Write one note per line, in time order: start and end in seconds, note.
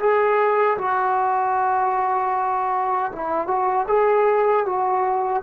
0.00 0.78 G#4
0.78 3.12 F#4
3.13 3.48 E4
3.48 3.87 F#4
3.89 4.66 G#4
4.66 5.43 F#4